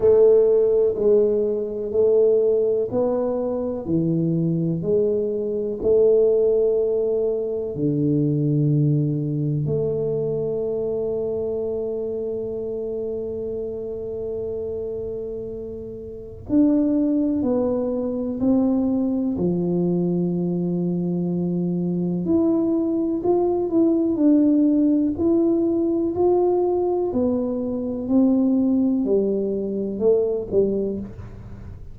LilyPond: \new Staff \with { instrumentName = "tuba" } { \time 4/4 \tempo 4 = 62 a4 gis4 a4 b4 | e4 gis4 a2 | d2 a2~ | a1~ |
a4 d'4 b4 c'4 | f2. e'4 | f'8 e'8 d'4 e'4 f'4 | b4 c'4 g4 a8 g8 | }